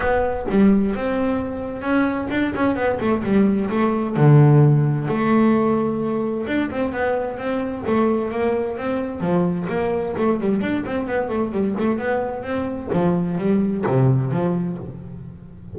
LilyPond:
\new Staff \with { instrumentName = "double bass" } { \time 4/4 \tempo 4 = 130 b4 g4 c'2 | cis'4 d'8 cis'8 b8 a8 g4 | a4 d2 a4~ | a2 d'8 c'8 b4 |
c'4 a4 ais4 c'4 | f4 ais4 a8 g8 d'8 c'8 | b8 a8 g8 a8 b4 c'4 | f4 g4 c4 f4 | }